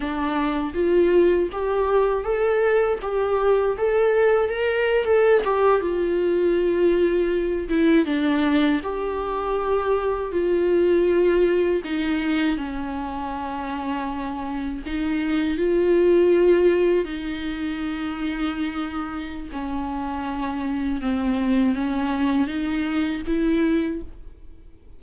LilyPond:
\new Staff \with { instrumentName = "viola" } { \time 4/4 \tempo 4 = 80 d'4 f'4 g'4 a'4 | g'4 a'4 ais'8. a'8 g'8 f'16~ | f'2~ f'16 e'8 d'4 g'16~ | g'4.~ g'16 f'2 dis'16~ |
dis'8. cis'2. dis'16~ | dis'8. f'2 dis'4~ dis'16~ | dis'2 cis'2 | c'4 cis'4 dis'4 e'4 | }